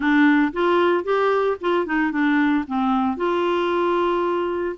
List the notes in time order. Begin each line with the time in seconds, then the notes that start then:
0.00 D4
0.52 F4
1.04 G4
1.60 F4
1.86 D#4
2.11 D4
2.67 C4
3.16 F4